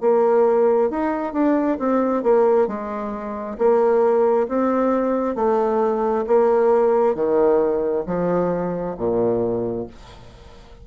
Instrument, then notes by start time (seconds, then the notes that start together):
bassoon
0.00 A#3
0.90 D#4
1.33 D4
1.79 C4
2.23 A#3
2.67 G#3
3.58 A#3
4.48 C4
5.35 A3
6.26 A#3
7.15 D#3
8.06 F3
8.97 A#2